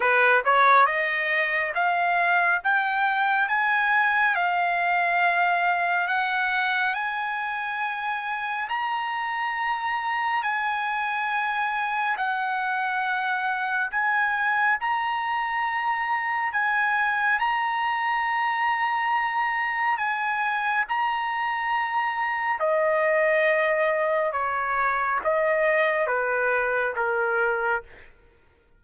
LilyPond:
\new Staff \with { instrumentName = "trumpet" } { \time 4/4 \tempo 4 = 69 b'8 cis''8 dis''4 f''4 g''4 | gis''4 f''2 fis''4 | gis''2 ais''2 | gis''2 fis''2 |
gis''4 ais''2 gis''4 | ais''2. gis''4 | ais''2 dis''2 | cis''4 dis''4 b'4 ais'4 | }